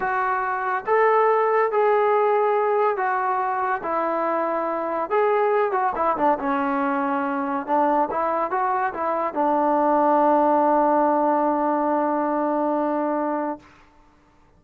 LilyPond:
\new Staff \with { instrumentName = "trombone" } { \time 4/4 \tempo 4 = 141 fis'2 a'2 | gis'2. fis'4~ | fis'4 e'2. | gis'4. fis'8 e'8 d'8 cis'4~ |
cis'2 d'4 e'4 | fis'4 e'4 d'2~ | d'1~ | d'1 | }